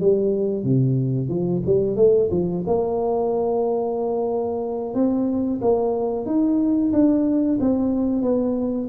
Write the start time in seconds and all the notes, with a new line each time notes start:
0.00 G3
0.64 C3
1.29 F3
1.66 G3
1.96 A3
2.31 F3
2.66 A#3
4.94 C4
5.61 A#3
6.25 D#4
6.93 D4
7.60 C4
8.22 B3